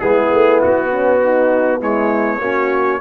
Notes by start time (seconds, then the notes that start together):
0.00 G#3 B3 E4 G#4
0.33 A3
0.61 B3 F#4
0.91 C#4
1.24 D#4
1.79 G#3 E4 C#5
2.40 A#3 C#4 F#4